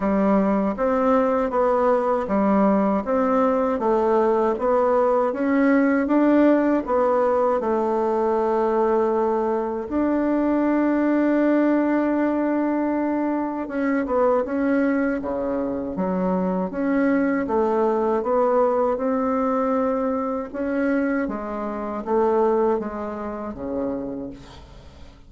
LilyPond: \new Staff \with { instrumentName = "bassoon" } { \time 4/4 \tempo 4 = 79 g4 c'4 b4 g4 | c'4 a4 b4 cis'4 | d'4 b4 a2~ | a4 d'2.~ |
d'2 cis'8 b8 cis'4 | cis4 fis4 cis'4 a4 | b4 c'2 cis'4 | gis4 a4 gis4 cis4 | }